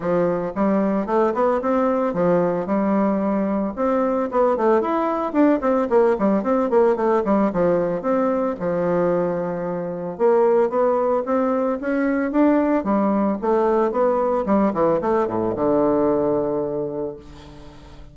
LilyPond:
\new Staff \with { instrumentName = "bassoon" } { \time 4/4 \tempo 4 = 112 f4 g4 a8 b8 c'4 | f4 g2 c'4 | b8 a8 e'4 d'8 c'8 ais8 g8 | c'8 ais8 a8 g8 f4 c'4 |
f2. ais4 | b4 c'4 cis'4 d'4 | g4 a4 b4 g8 e8 | a8 a,8 d2. | }